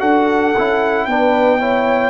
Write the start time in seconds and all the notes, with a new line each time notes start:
0.00 D4 F#4 A4 F#5
0.57 C#4 E4
1.05 B3 D4 B4 G5
1.60 E4 C#5